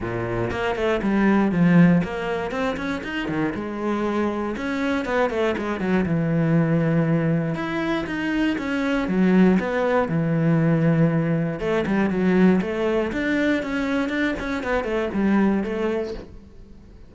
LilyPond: \new Staff \with { instrumentName = "cello" } { \time 4/4 \tempo 4 = 119 ais,4 ais8 a8 g4 f4 | ais4 c'8 cis'8 dis'8 dis8 gis4~ | gis4 cis'4 b8 a8 gis8 fis8 | e2. e'4 |
dis'4 cis'4 fis4 b4 | e2. a8 g8 | fis4 a4 d'4 cis'4 | d'8 cis'8 b8 a8 g4 a4 | }